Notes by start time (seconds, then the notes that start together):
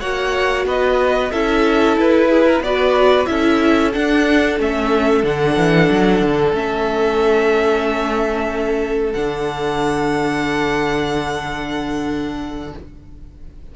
0.00 A#3 F#4 C#5 F#5
0.66 B3 B4 D#5
1.32 C#4 E4 A4 E5
1.97 E4 B4
2.29 G#4
2.46 A#4
2.60 B3 F#4 B4 D5
3.26 C#4 E4 A4 E5
3.93 D4 F#5
4.58 A3 C#4 E5
5.23 D3 D4 F#5
5.57 E3
5.90 F#3
6.22 D3
6.53 A3 C#4 E5
9.13 D3 D4 F#5